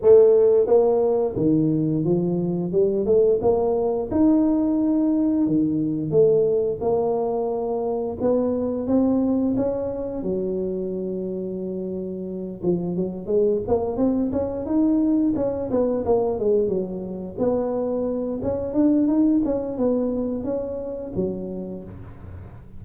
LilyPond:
\new Staff \with { instrumentName = "tuba" } { \time 4/4 \tempo 4 = 88 a4 ais4 dis4 f4 | g8 a8 ais4 dis'2 | dis4 a4 ais2 | b4 c'4 cis'4 fis4~ |
fis2~ fis8 f8 fis8 gis8 | ais8 c'8 cis'8 dis'4 cis'8 b8 ais8 | gis8 fis4 b4. cis'8 d'8 | dis'8 cis'8 b4 cis'4 fis4 | }